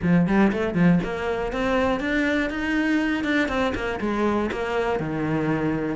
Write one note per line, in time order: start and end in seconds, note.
0.02 0.27 F3
0.27 0.52 G3
0.52 0.74 A3
0.74 0.99 F3
1.03 1.52 A#3
1.52 2.00 C4
2.00 2.50 D4
2.50 3.24 D#4
3.24 3.48 D4
3.48 3.73 C4
3.74 3.99 A#3
4.00 4.50 G#3
4.51 4.99 A#3
4.99 5.95 D#3